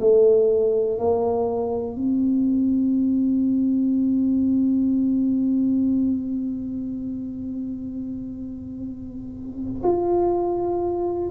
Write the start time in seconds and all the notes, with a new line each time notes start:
0.00 A3
0.98 A#3
1.95 C4
9.83 F4